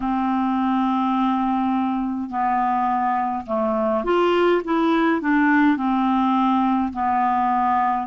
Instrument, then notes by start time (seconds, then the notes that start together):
clarinet
0.00 C4
2.29 B3
3.46 A3
4.04 F4
4.64 E4
5.21 D4
5.76 C4
6.92 B3